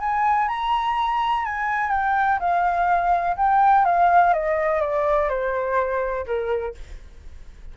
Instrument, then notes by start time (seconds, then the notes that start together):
flute
0.00 G#5
0.49 A#5
1.45 G#5
1.91 G5
2.40 F5
3.37 G5
3.86 F5
4.34 D#5
4.81 D5
5.29 C5
6.27 A#4